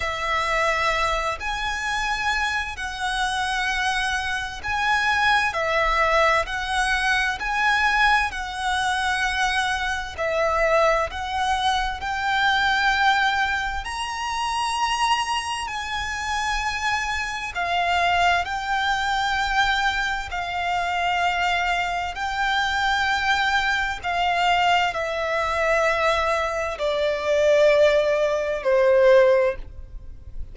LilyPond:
\new Staff \with { instrumentName = "violin" } { \time 4/4 \tempo 4 = 65 e''4. gis''4. fis''4~ | fis''4 gis''4 e''4 fis''4 | gis''4 fis''2 e''4 | fis''4 g''2 ais''4~ |
ais''4 gis''2 f''4 | g''2 f''2 | g''2 f''4 e''4~ | e''4 d''2 c''4 | }